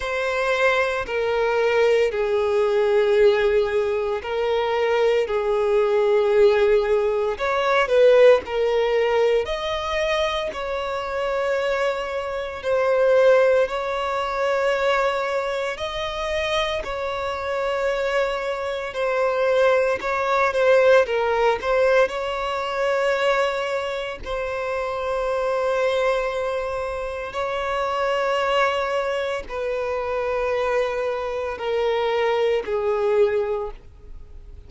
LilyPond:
\new Staff \with { instrumentName = "violin" } { \time 4/4 \tempo 4 = 57 c''4 ais'4 gis'2 | ais'4 gis'2 cis''8 b'8 | ais'4 dis''4 cis''2 | c''4 cis''2 dis''4 |
cis''2 c''4 cis''8 c''8 | ais'8 c''8 cis''2 c''4~ | c''2 cis''2 | b'2 ais'4 gis'4 | }